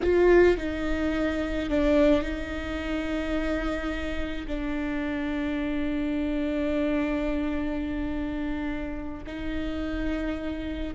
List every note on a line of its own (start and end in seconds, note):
0.02 0.57 F4
0.57 1.69 D#4
1.69 2.22 D4
2.22 4.46 D#4
4.47 9.23 D4
9.26 10.94 D#4